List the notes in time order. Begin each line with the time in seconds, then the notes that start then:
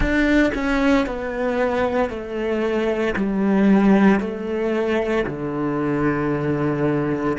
0.00 D4
0.54 C#4
1.06 B3
2.09 A3
3.16 G3
4.20 A3
5.26 D3